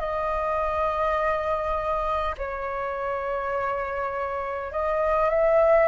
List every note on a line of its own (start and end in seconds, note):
0.00 2.35 D#5
2.38 4.72 C#5
4.72 5.30 D#5
5.30 5.88 E5